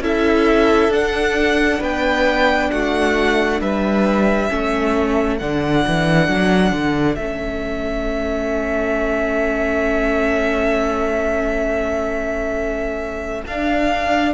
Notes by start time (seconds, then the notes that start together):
0.00 C#4 E4 A4 E5
0.89 D4 F#5
1.80 B3 B4 G5
2.71 A3 F#4 F#5
3.61 G3 B4 E5
4.49 A3 C#4 A4
5.38 D3 D4 F#5
5.87 E3
6.28 F#3
6.72 D3
7.15 A3 C#4 E5
13.46 D4 F5